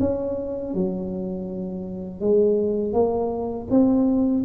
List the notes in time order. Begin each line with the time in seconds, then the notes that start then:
0.00 C#4
0.74 F#3
2.21 G#3
2.93 A#3
3.70 C4